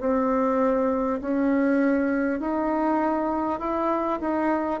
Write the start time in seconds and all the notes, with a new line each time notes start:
0.00 C4
1.21 C#4
2.39 D#4
3.59 E4
4.20 D#4